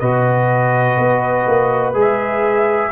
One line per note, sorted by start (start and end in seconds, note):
0.00 0.98 B2
0.00 1.95 F#4
0.00 2.92 B4
0.00 1.94 D#5
0.98 1.47 B3
1.47 1.95 A#3
1.95 2.91 G#3
1.95 2.91 G#4
1.95 2.92 E5